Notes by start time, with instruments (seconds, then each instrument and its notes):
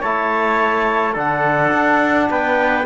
0.00 cello A3, trombone E4, trumpet C#5, clarinet A5
1.13 cello D3, trombone D4, trumpet A4, clarinet F#5
1.73 cello D4
2.30 cello B3, trumpet B4, clarinet G5